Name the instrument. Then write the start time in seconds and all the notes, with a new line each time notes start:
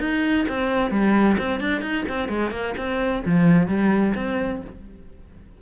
cello
0.00 D#4
0.49 C4
0.91 G3
1.38 C4
1.60 D4
1.81 D#4
2.09 C4
2.29 G#3
2.51 A#3
2.77 C4
3.25 F3
3.68 G3
4.15 C4